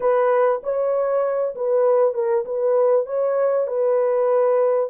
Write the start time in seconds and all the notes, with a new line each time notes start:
0.00 B4
0.63 C#5
1.55 B4
2.14 A#4
2.45 B4
3.06 C#5
3.67 B4